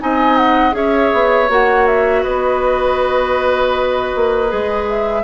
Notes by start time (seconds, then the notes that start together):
0.00 C4 D#4 D#5 G#5
0.37 F#5
0.72 C#4 G#4 C#5 E5
1.14 B3
1.50 A#3 F#4 F#5
1.87 E5
2.23 B3 B4 D#5
4.16 A#3
4.49 G#3 G#4
4.89 E5